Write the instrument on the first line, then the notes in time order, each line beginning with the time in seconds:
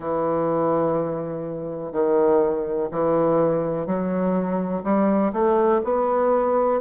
bassoon
0.00 E3
1.92 D#3
2.91 E3
3.86 F#3
4.83 G3
5.32 A3
5.83 B3